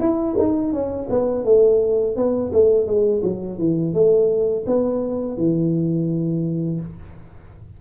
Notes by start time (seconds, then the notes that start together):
0.00 E4
0.39 D#4
0.73 C#4
1.10 B3
1.44 A3
2.16 B3
2.53 A3
2.86 G#3
3.23 F#3
3.58 E3
3.94 A3
4.66 B3
5.37 E3